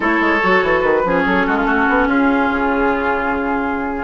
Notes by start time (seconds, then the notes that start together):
0.00 A3 E4 A4 C#5
0.20 G#3
0.42 F#3 F#4
0.62 E3
0.80 D#3 B4
1.04 F3 C#4 G#4
1.25 F#3 A4
1.46 G#3 F#4
1.56 F4
1.65 A3 F#4
1.88 B3
2.07 C#4 F4 G#4
2.50 C#3